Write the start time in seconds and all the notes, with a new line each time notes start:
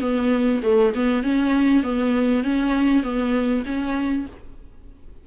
0.00 B3
0.63 A3
0.94 B3
1.23 C#4
1.83 B3
2.43 C#4
3.03 B3
3.65 C#4